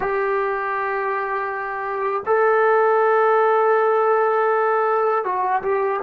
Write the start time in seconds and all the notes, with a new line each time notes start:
0.00 G4
2.26 A4
5.24 F#4
5.62 G4